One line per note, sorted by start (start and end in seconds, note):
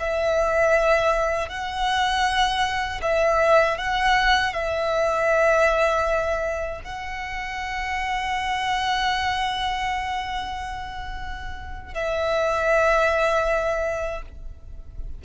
0.00 1.49 E5
1.49 3.01 F#5
3.02 3.78 E5
3.78 4.54 F#5
4.54 6.81 E5
6.84 11.94 F#5
11.94 14.22 E5